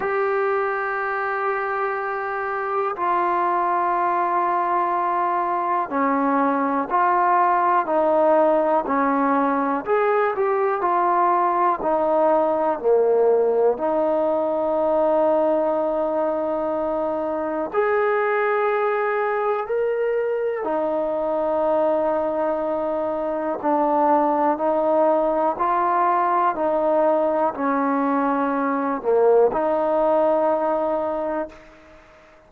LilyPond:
\new Staff \with { instrumentName = "trombone" } { \time 4/4 \tempo 4 = 61 g'2. f'4~ | f'2 cis'4 f'4 | dis'4 cis'4 gis'8 g'8 f'4 | dis'4 ais4 dis'2~ |
dis'2 gis'2 | ais'4 dis'2. | d'4 dis'4 f'4 dis'4 | cis'4. ais8 dis'2 | }